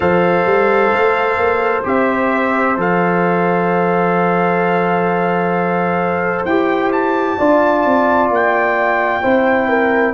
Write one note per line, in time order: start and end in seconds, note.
0.00 0.45 F3
0.00 1.83 A4
0.00 7.36 C5
0.00 1.82 F5
0.45 0.91 G3
0.92 1.37 A3
1.37 1.83 A#3
1.83 2.77 C4
1.83 2.76 G4
1.83 2.79 E5
2.77 6.45 F3
2.77 6.46 A4
2.77 6.45 F5
6.45 7.37 E4
6.45 7.39 G4
6.45 6.91 G5
6.92 8.30 A5
7.37 7.85 D4
7.37 9.22 F4
7.37 9.22 D5
7.85 8.30 C4
8.30 9.22 A#3
8.30 10.14 G5
9.22 10.14 C4
9.22 10.14 E4
9.22 9.68 C5
9.68 10.14 A#4